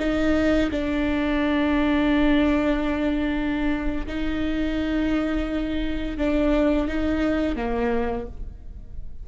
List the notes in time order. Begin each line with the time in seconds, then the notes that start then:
0.00 D#4
0.72 D4
4.07 D#4
6.18 D4
6.88 D#4
7.56 A#3